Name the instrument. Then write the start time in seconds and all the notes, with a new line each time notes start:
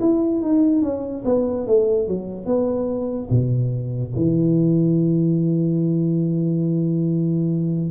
tuba
0.00 E4
0.42 D#4
0.82 C#4
1.25 B3
1.67 A3
2.08 F#3
2.46 B3
3.30 B2
4.16 E3